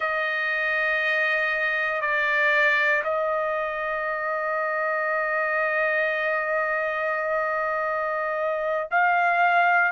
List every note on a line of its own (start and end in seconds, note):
0.00 2.01 D#5
2.01 3.02 D5
3.04 8.88 D#5
8.90 9.91 F5